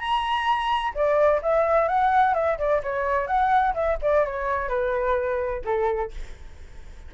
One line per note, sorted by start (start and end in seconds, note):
0.00 0.94 A#5
0.95 1.41 D5
1.43 1.89 E5
1.89 2.35 F#5
2.35 2.58 E5
2.59 2.82 D5
2.83 3.27 C#5
3.27 3.74 F#5
3.75 3.98 E5
4.02 4.26 D5
4.26 4.69 C#5
4.69 5.63 B4
5.65 6.12 A4